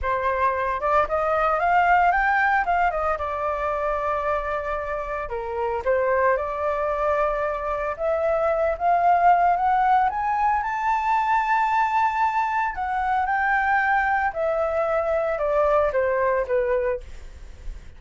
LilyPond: \new Staff \with { instrumentName = "flute" } { \time 4/4 \tempo 4 = 113 c''4. d''8 dis''4 f''4 | g''4 f''8 dis''8 d''2~ | d''2 ais'4 c''4 | d''2. e''4~ |
e''8 f''4. fis''4 gis''4 | a''1 | fis''4 g''2 e''4~ | e''4 d''4 c''4 b'4 | }